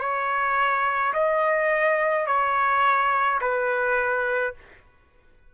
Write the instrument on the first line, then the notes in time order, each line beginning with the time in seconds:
trumpet
0.00 C#5
1.14 D#5
2.27 C#5
3.41 B4